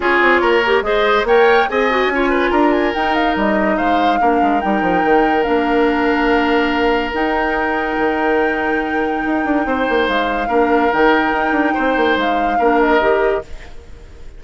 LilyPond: <<
  \new Staff \with { instrumentName = "flute" } { \time 4/4 \tempo 4 = 143 cis''2 dis''4 g''4 | gis''2 ais''8 gis''8 g''8 f''8 | dis''4 f''2 g''4~ | g''4 f''2.~ |
f''4 g''2.~ | g''1 | f''2 g''2~ | g''4 f''4. dis''4. | }
  \new Staff \with { instrumentName = "oboe" } { \time 4/4 gis'4 ais'4 c''4 cis''4 | dis''4 cis''8 b'8 ais'2~ | ais'4 c''4 ais'2~ | ais'1~ |
ais'1~ | ais'2. c''4~ | c''4 ais'2. | c''2 ais'2 | }
  \new Staff \with { instrumentName = "clarinet" } { \time 4/4 f'4. g'8 gis'4 ais'4 | gis'8 fis'8 f'2 dis'4~ | dis'2 d'4 dis'4~ | dis'4 d'2.~ |
d'4 dis'2.~ | dis'1~ | dis'4 d'4 dis'2~ | dis'2 d'4 g'4 | }
  \new Staff \with { instrumentName = "bassoon" } { \time 4/4 cis'8 c'8 ais4 gis4 ais4 | c'4 cis'4 d'4 dis'4 | g4 gis4 ais8 gis8 g8 f8 | dis4 ais2.~ |
ais4 dis'2 dis4~ | dis2 dis'8 d'8 c'8 ais8 | gis4 ais4 dis4 dis'8 d'8 | c'8 ais8 gis4 ais4 dis4 | }
>>